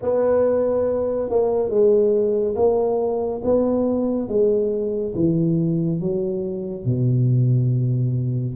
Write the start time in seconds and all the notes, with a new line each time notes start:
0.02 B3
1.29 A#3
1.69 G#3
2.55 A#3
3.44 B3
4.28 G#3
5.15 E3
6.00 F#3
6.85 B2